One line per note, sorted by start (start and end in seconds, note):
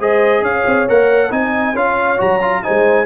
0.00 0.41 G#3
0.00 0.88 G#4
0.00 0.43 C5
0.00 0.44 D#5
0.41 0.64 C#4
0.41 1.31 C#5
0.41 0.88 F5
0.66 0.88 C4
0.88 1.31 A#3
0.88 1.30 A#4
0.88 1.32 F#5
1.30 1.74 C4
1.30 1.74 D#4
1.30 1.73 D#5
1.30 1.76 G#5
1.73 2.18 C#4
1.73 2.17 F4
1.73 2.61 C#5
1.73 2.20 F5
2.17 2.65 F#3
2.17 2.39 F#4
2.17 2.63 A#5
2.42 2.63 F4
2.63 3.05 G#3
2.63 3.05 D#4
2.63 3.05 C5
2.63 3.05 G#5